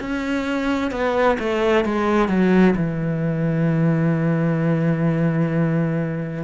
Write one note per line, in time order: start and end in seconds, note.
0.00 0.91 C#4
0.91 1.37 B3
1.39 1.85 A3
1.85 2.28 G#3
2.28 2.74 F#3
2.76 6.43 E3